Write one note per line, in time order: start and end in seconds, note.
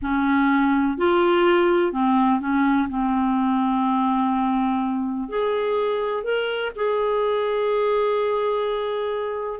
0.02 0.97 C#4
0.97 1.92 F4
1.92 2.40 C4
2.40 2.88 C#4
2.89 5.28 C4
5.28 6.23 G#4
6.23 6.71 A#4
6.75 9.60 G#4